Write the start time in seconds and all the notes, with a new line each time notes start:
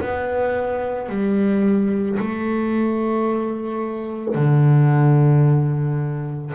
0.00 B3
1.09 G3
2.19 A3
4.35 D3